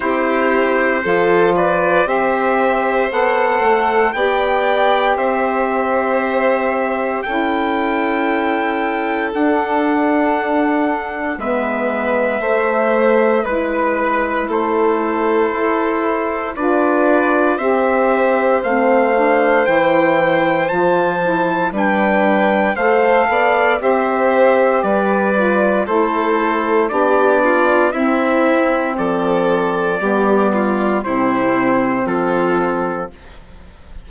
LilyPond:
<<
  \new Staff \with { instrumentName = "trumpet" } { \time 4/4 \tempo 4 = 58 c''4. d''8 e''4 fis''4 | g''4 e''2 g''4~ | g''4 fis''2 e''4~ | e''4 b'4 c''2 |
d''4 e''4 f''4 g''4 | a''4 g''4 f''4 e''4 | d''4 c''4 d''4 e''4 | d''2 c''4 a'4 | }
  \new Staff \with { instrumentName = "violin" } { \time 4/4 g'4 a'8 b'8 c''2 | d''4 c''2 a'4~ | a'2. b'4 | c''4 b'4 a'2 |
b'4 c''2.~ | c''4 b'4 c''8 d''8 c''4 | b'4 a'4 g'8 f'8 e'4 | a'4 g'8 f'8 e'4 f'4 | }
  \new Staff \with { instrumentName = "saxophone" } { \time 4/4 e'4 f'4 g'4 a'4 | g'2. e'4~ | e'4 d'2 b4 | a4 e'2. |
f'4 g'4 c'8 d'8 e'4 | f'8 e'8 d'4 a'4 g'4~ | g'8 f'8 e'4 d'4 c'4~ | c'4 b4 c'2 | }
  \new Staff \with { instrumentName = "bassoon" } { \time 4/4 c'4 f4 c'4 b8 a8 | b4 c'2 cis'4~ | cis'4 d'2 gis4 | a4 gis4 a4 e'4 |
d'4 c'4 a4 e4 | f4 g4 a8 b8 c'4 | g4 a4 b4 c'4 | f4 g4 c4 f4 | }
>>